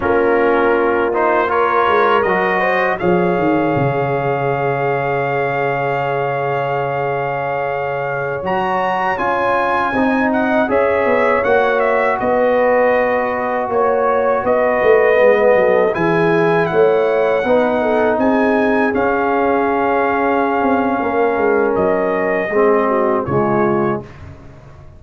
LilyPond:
<<
  \new Staff \with { instrumentName = "trumpet" } { \time 4/4 \tempo 4 = 80 ais'4. c''8 cis''4 dis''4 | f''1~ | f''2.~ f''16 ais''8.~ | ais''16 gis''4. fis''8 e''4 fis''8 e''16~ |
e''16 dis''2 cis''4 dis''8.~ | dis''4~ dis''16 gis''4 fis''4.~ fis''16~ | fis''16 gis''4 f''2~ f''8.~ | f''4 dis''2 cis''4 | }
  \new Staff \with { instrumentName = "horn" } { \time 4/4 f'2 ais'4. c''8 | cis''1~ | cis''1~ | cis''4~ cis''16 dis''4 cis''4.~ cis''16~ |
cis''16 b'2 cis''4 b'8.~ | b'8. a'8 gis'4 cis''4 b'8 a'16~ | a'16 gis'2.~ gis'8. | ais'2 gis'8 fis'8 f'4 | }
  \new Staff \with { instrumentName = "trombone" } { \time 4/4 cis'4. dis'8 f'4 fis'4 | gis'1~ | gis'2.~ gis'16 fis'8.~ | fis'16 f'4 dis'4 gis'4 fis'8.~ |
fis'1~ | fis'16 b4 e'2 dis'8.~ | dis'4~ dis'16 cis'2~ cis'8.~ | cis'2 c'4 gis4 | }
  \new Staff \with { instrumentName = "tuba" } { \time 4/4 ais2~ ais8 gis8 fis4 | f8 dis8 cis2.~ | cis2.~ cis16 fis8.~ | fis16 cis'4 c'4 cis'8 b8 ais8.~ |
ais16 b2 ais4 b8 a16~ | a16 gis8 fis8 e4 a4 b8.~ | b16 c'4 cis'2~ cis'16 c'8 | ais8 gis8 fis4 gis4 cis4 | }
>>